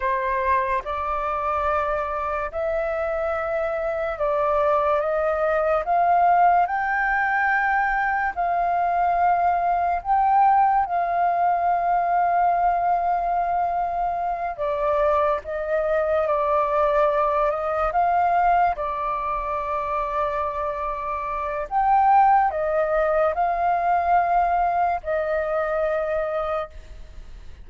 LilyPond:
\new Staff \with { instrumentName = "flute" } { \time 4/4 \tempo 4 = 72 c''4 d''2 e''4~ | e''4 d''4 dis''4 f''4 | g''2 f''2 | g''4 f''2.~ |
f''4. d''4 dis''4 d''8~ | d''4 dis''8 f''4 d''4.~ | d''2 g''4 dis''4 | f''2 dis''2 | }